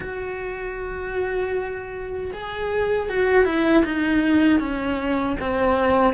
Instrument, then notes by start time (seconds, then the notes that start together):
cello
0.00 F#4
2.33 G#4
3.09 F#4
3.44 E4
3.85 D#4
4.59 C#4
5.40 C4